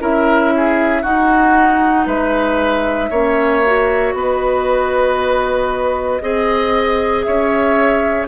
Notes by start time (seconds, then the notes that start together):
0.00 C#4 E4 A#4 E5
0.57 G#4
1.02 D#4 F#4 F#5
2.06 G#3 B4 E5
3.10 A#3 C#4 C#5
3.66 F#4
4.14 B3 B4 D#5
6.21 C4 G#4 D#5
7.22 C#4 C#5 E5